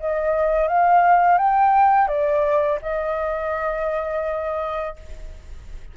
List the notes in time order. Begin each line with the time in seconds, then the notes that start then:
0.00 D#5
0.68 F5
1.38 G5
2.08 D5
2.82 D#5